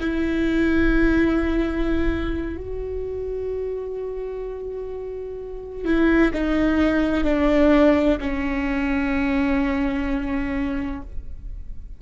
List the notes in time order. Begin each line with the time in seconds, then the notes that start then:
0.00 E4
2.57 F#4
5.85 E4
6.34 D#4
7.24 D4
8.21 C#4